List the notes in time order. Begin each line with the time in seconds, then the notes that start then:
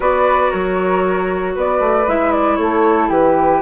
0.00 B3 F#4 B4 D5
0.50 F#3 A#4 C#5
1.54 B3 B4 D5
1.80 A3
2.07 G#3 E4 E5
2.32 D5
2.55 A3 A4 C#5
3.09 E3 G4 B4